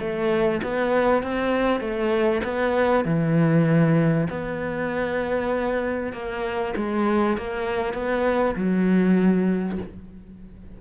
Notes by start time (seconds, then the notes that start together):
0.00 A3
0.63 B3
1.23 C4
1.80 A3
2.44 B3
3.05 E3
4.30 B3
6.13 A#3
6.76 G#3
7.37 A#3
7.93 B3
8.55 F#3